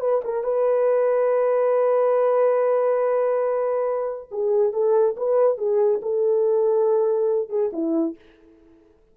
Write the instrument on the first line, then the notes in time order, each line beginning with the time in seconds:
horn
0.00 B4
0.25 A#4
0.43 B4
4.31 G#4
4.73 A4
5.17 B4
5.58 G#4
6.02 A4
7.49 G#4
7.73 E4